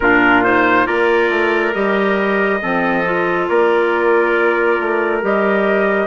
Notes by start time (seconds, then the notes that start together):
0.00 A#2 D4 F4 A#4
0.43 D#4 C5
0.85 A#3 F4 A#4 D5
1.29 A3
1.74 G3 G4 D#5
2.61 F3 C4 A4
3.05 F4
3.48 A#3 A#4 D5
4.79 A3
5.21 G3 G4 D#5